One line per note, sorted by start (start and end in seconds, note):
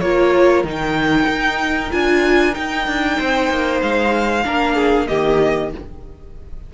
0.00 0.63 A#3
0.00 0.65 F4
0.00 3.18 A#4
0.00 0.63 C#5
0.63 1.26 D#3
0.63 1.91 D#4
0.71 1.92 G5
1.27 1.90 D#4
1.91 2.56 D4
1.91 2.53 F4
1.91 2.54 G#5
2.53 4.42 D#4
2.53 2.87 D#4
2.53 3.80 G5
2.87 3.19 D4
3.18 3.50 C4
3.18 4.44 C5
3.50 3.81 A#3
3.82 4.45 G#3
3.82 5.07 F5
4.44 5.09 A#3
4.44 5.07 D4
4.44 4.75 A#4
4.75 5.06 G#4
5.07 5.74 D#3
5.07 5.71 A#3
5.07 5.72 G4
5.07 5.70 D#5